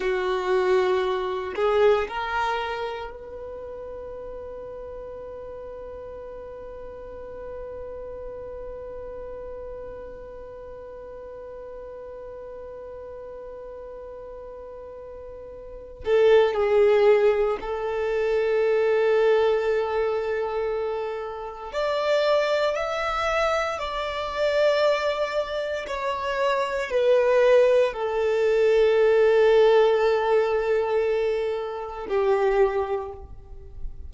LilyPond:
\new Staff \with { instrumentName = "violin" } { \time 4/4 \tempo 4 = 58 fis'4. gis'8 ais'4 b'4~ | b'1~ | b'1~ | b'2.~ b'8 a'8 |
gis'4 a'2.~ | a'4 d''4 e''4 d''4~ | d''4 cis''4 b'4 a'4~ | a'2. g'4 | }